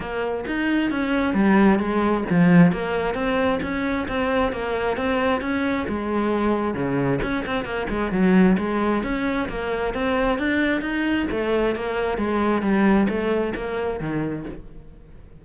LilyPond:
\new Staff \with { instrumentName = "cello" } { \time 4/4 \tempo 4 = 133 ais4 dis'4 cis'4 g4 | gis4 f4 ais4 c'4 | cis'4 c'4 ais4 c'4 | cis'4 gis2 cis4 |
cis'8 c'8 ais8 gis8 fis4 gis4 | cis'4 ais4 c'4 d'4 | dis'4 a4 ais4 gis4 | g4 a4 ais4 dis4 | }